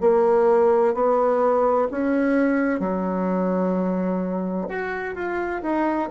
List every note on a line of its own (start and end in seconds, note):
0.00 0.94 A#3
0.94 1.87 B3
1.90 2.80 C#4
2.80 4.67 F#3
4.68 5.15 F#4
5.15 5.62 F4
5.62 6.09 D#4